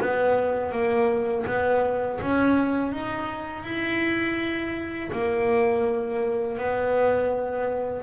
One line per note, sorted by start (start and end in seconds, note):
0.00 0.71 B3
0.71 1.44 A#3
1.46 2.19 B3
2.21 2.92 C#4
2.92 3.63 D#4
3.63 5.10 E4
5.12 6.58 A#3
6.58 8.02 B3